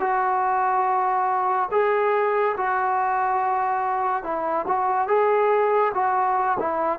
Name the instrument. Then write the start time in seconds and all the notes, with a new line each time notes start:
trombone
0.00 F#4
1.71 G#4
2.57 F#4
4.23 E4
4.67 F#4
5.08 G#4
5.94 F#4
6.59 E4